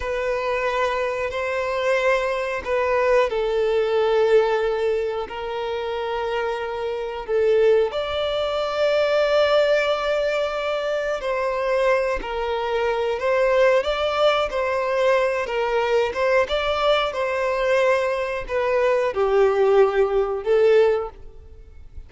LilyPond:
\new Staff \with { instrumentName = "violin" } { \time 4/4 \tempo 4 = 91 b'2 c''2 | b'4 a'2. | ais'2. a'4 | d''1~ |
d''4 c''4. ais'4. | c''4 d''4 c''4. ais'8~ | ais'8 c''8 d''4 c''2 | b'4 g'2 a'4 | }